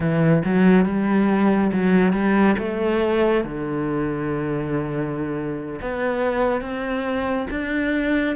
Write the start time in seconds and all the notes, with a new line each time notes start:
0.00 E3
0.44 F#3
0.85 G3
1.72 F#3
2.12 G3
2.58 A3
3.44 D3
5.81 B3
6.61 C4
7.50 D4